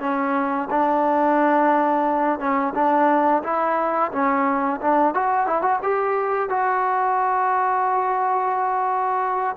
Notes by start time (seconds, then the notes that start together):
0.00 C#4
0.70 D4
2.40 C#4
2.75 D4
3.43 E4
4.12 C#4
4.81 D4
5.14 F#4
5.47 E4
5.62 F#4
5.83 G4
6.50 F#4